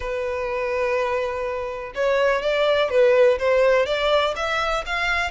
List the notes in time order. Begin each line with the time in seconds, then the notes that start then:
0.00 B4
1.94 C#5
2.41 D5
2.90 B4
3.38 C5
3.86 D5
4.35 E5
4.85 F5